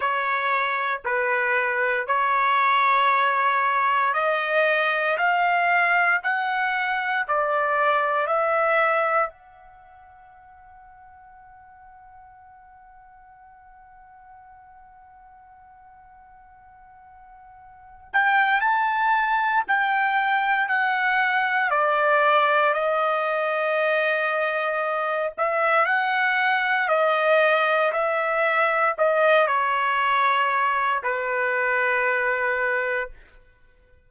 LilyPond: \new Staff \with { instrumentName = "trumpet" } { \time 4/4 \tempo 4 = 58 cis''4 b'4 cis''2 | dis''4 f''4 fis''4 d''4 | e''4 fis''2.~ | fis''1~ |
fis''4. g''8 a''4 g''4 | fis''4 d''4 dis''2~ | dis''8 e''8 fis''4 dis''4 e''4 | dis''8 cis''4. b'2 | }